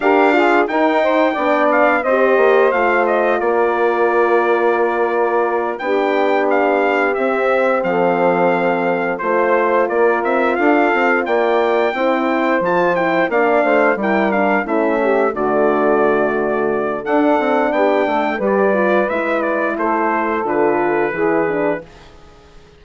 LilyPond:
<<
  \new Staff \with { instrumentName = "trumpet" } { \time 4/4 \tempo 4 = 88 f''4 g''4. f''8 dis''4 | f''8 dis''8 d''2.~ | d''8 g''4 f''4 e''4 f''8~ | f''4. c''4 d''8 e''8 f''8~ |
f''8 g''2 a''8 g''8 f''8~ | f''8 g''8 f''8 e''4 d''4.~ | d''4 fis''4 g''4 d''4 | e''8 d''8 c''4 b'2 | }
  \new Staff \with { instrumentName = "saxophone" } { \time 4/4 ais'8 gis'8 ais'8 c''8 d''4 c''4~ | c''4 ais'2.~ | ais'8 g'2. a'8~ | a'4. c''4 ais'4 a'8~ |
a'8 d''4 c''2 d''8 | c''8 ais'4 e'8 g'8 fis'4.~ | fis'4 a'4 g'8 a'8 b'4~ | b'4 a'2 gis'4 | }
  \new Staff \with { instrumentName = "horn" } { \time 4/4 g'8 f'8 dis'4 d'4 g'4 | f'1~ | f'8 d'2 c'4.~ | c'4. f'2~ f'8~ |
f'4. e'4 f'8 e'8 d'8~ | d'8 e'8 d'8 cis'4 a4.~ | a4 d'2 g'8 f'8 | e'2 f'4 e'8 d'8 | }
  \new Staff \with { instrumentName = "bassoon" } { \time 4/4 d'4 dis'4 b4 c'8 ais8 | a4 ais2.~ | ais8 b2 c'4 f8~ | f4. a4 ais8 c'8 d'8 |
c'8 ais4 c'4 f4 ais8 | a8 g4 a4 d4.~ | d4 d'8 c'8 b8 a8 g4 | gis4 a4 d4 e4 | }
>>